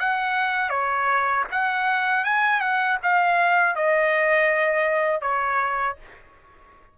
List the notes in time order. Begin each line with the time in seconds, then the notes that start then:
0.00 F#5
0.70 C#5
1.51 F#5
2.25 G#5
2.60 F#5
3.03 F5
3.76 D#5
5.22 C#5